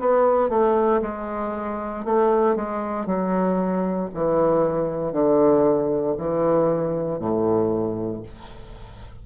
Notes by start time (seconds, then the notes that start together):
0.00 B3
0.50 A3
1.02 G#3
2.05 A3
2.56 G#3
3.07 F#3
4.14 E3
5.13 D3
6.18 E3
7.19 A2